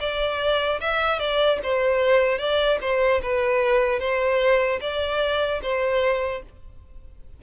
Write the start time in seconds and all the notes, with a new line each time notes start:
0.00 D5
0.80 E5
1.19 D5
1.63 C5
2.38 D5
2.81 C5
3.23 B4
4.00 C5
4.81 D5
5.63 C5